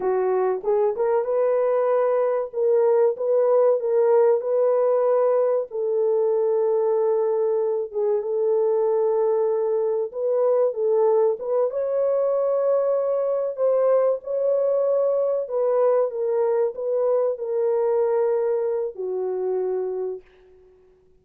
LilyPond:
\new Staff \with { instrumentName = "horn" } { \time 4/4 \tempo 4 = 95 fis'4 gis'8 ais'8 b'2 | ais'4 b'4 ais'4 b'4~ | b'4 a'2.~ | a'8 gis'8 a'2. |
b'4 a'4 b'8 cis''4.~ | cis''4. c''4 cis''4.~ | cis''8 b'4 ais'4 b'4 ais'8~ | ais'2 fis'2 | }